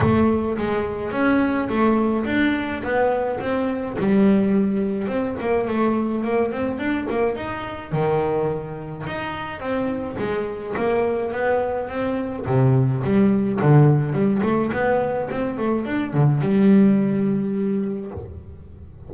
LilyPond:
\new Staff \with { instrumentName = "double bass" } { \time 4/4 \tempo 4 = 106 a4 gis4 cis'4 a4 | d'4 b4 c'4 g4~ | g4 c'8 ais8 a4 ais8 c'8 | d'8 ais8 dis'4 dis2 |
dis'4 c'4 gis4 ais4 | b4 c'4 c4 g4 | d4 g8 a8 b4 c'8 a8 | d'8 d8 g2. | }